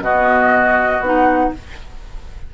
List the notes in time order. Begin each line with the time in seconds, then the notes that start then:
0.00 B2 B3 F#4 D#5
1.00 B3 D#4 F#5